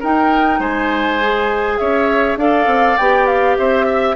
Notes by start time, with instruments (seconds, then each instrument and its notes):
0.00 bassoon D#4, clarinet D#4, oboe A#4, flute G5
0.59 bassoon G#3, oboe C5, flute G#5
1.21 clarinet G#4
1.77 bassoon C#4, oboe C#5, flute E5
2.36 bassoon D4, clarinet A4, oboe D5, flute F5
2.66 bassoon C4
2.97 bassoon B3, clarinet G4, flute G5
3.26 flute F5
3.57 bassoon C4, oboe C5, flute E5
3.86 oboe E5